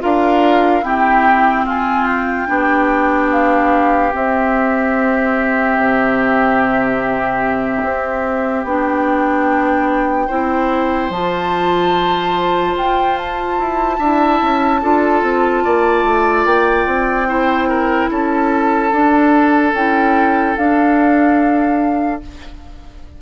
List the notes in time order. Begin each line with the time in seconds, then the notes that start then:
0.00 D4 F4 A#4 F5
0.83 C4 E4 G4 G5
1.65 F4 G#5
2.06 G5
2.47 B3 D4 G4
3.32 F5
4.12 C4 E5
5.77 C3
7.83 C4
8.64 B3 D4 G5
10.27 C4 E4 C5
11.09 F3 F4 A5
12.77 F4 G5
13.18 A5
13.59 E4
13.98 D4 E4 E5
14.42 C#4
14.82 D4 F4 A4
15.22 C4
15.64 A#3 D5
16.04 A3
16.45 A#3 G5
16.86 C4
17.27 E4 C5
17.69 A#4
18.10 C#4 A4 A5
18.91 D4
19.73 C#4 E4 G5
20.56 D4 F5